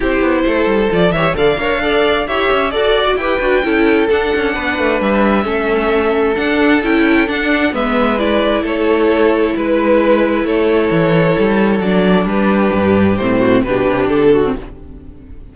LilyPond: <<
  \new Staff \with { instrumentName = "violin" } { \time 4/4 \tempo 4 = 132 c''2 d''8 e''8 f''4~ | f''4 e''4 d''4 g''4~ | g''4 fis''2 e''4~ | e''2 fis''4 g''4 |
fis''4 e''4 d''4 cis''4~ | cis''4 b'2 cis''4~ | cis''2 d''4 b'4~ | b'4 c''4 b'4 a'4 | }
  \new Staff \with { instrumentName = "violin" } { \time 4/4 g'4 a'4. cis''8 d''8 cis''8 | d''4 cis''4 d''4 b'4 | a'2 b'2 | a'1~ |
a'4 b'2 a'4~ | a'4 b'2 a'4~ | a'2. g'4~ | g'4. fis'8 g'4. fis'8 | }
  \new Staff \with { instrumentName = "viola" } { \time 4/4 e'2 f'8 g'8 a'8 ais'8 | a'4 g'4 a'8. fis'16 g'8 fis'8 | e'4 d'2. | cis'2 d'4 e'4 |
d'4 b4 e'2~ | e'1~ | e'2 d'2~ | d'4 c'4 d'4.~ d'16 c'16 | }
  \new Staff \with { instrumentName = "cello" } { \time 4/4 c'8 b8 a8 g8 f8 e8 d8 d'8~ | d'4 e'8 cis'8 fis'4 e'8 d'8 | cis'4 d'8 cis'8 b8 a8 g4 | a2 d'4 cis'4 |
d'4 gis2 a4~ | a4 gis2 a4 | e4 g4 fis4 g4 | g,4 a,4 b,8 c8 d4 | }
>>